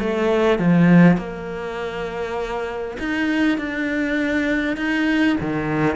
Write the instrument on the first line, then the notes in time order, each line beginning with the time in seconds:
cello
0.00 A3
0.59 F3
1.18 A#3
3.00 D#4
3.58 D4
4.77 D#4
5.41 D#3